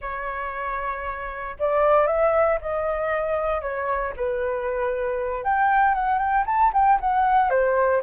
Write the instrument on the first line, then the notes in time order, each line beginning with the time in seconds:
flute
0.01 C#5
1.59 D5
2.07 E5
2.61 D#5
3.61 C#5
4.16 B4
5.44 G5
5.94 F#5
6.18 G5
6.46 A5
6.73 G5
7.00 F#5
7.50 C5